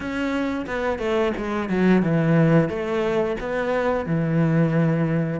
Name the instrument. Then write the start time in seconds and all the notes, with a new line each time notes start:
cello
0.00 C#4
0.66 B3
0.99 A3
1.37 G#3
1.69 F#3
2.02 E3
2.69 A3
3.40 B3
4.06 E3